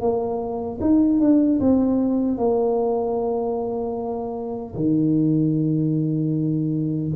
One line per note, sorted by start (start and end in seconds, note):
0.00 0.79 A#3
0.81 1.20 D#4
1.20 1.59 D4
1.60 2.37 C4
2.37 4.74 A#3
4.74 7.11 D#3